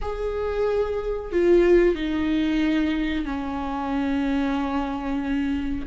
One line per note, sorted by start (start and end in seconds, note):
0.01 1.32 G#4
1.32 1.95 F4
1.95 3.25 D#4
3.25 5.86 C#4